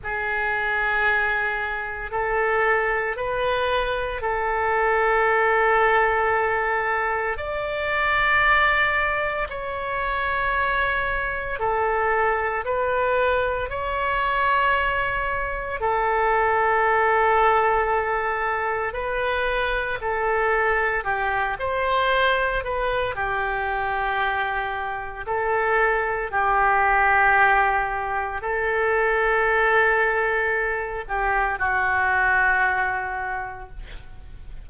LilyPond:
\new Staff \with { instrumentName = "oboe" } { \time 4/4 \tempo 4 = 57 gis'2 a'4 b'4 | a'2. d''4~ | d''4 cis''2 a'4 | b'4 cis''2 a'4~ |
a'2 b'4 a'4 | g'8 c''4 b'8 g'2 | a'4 g'2 a'4~ | a'4. g'8 fis'2 | }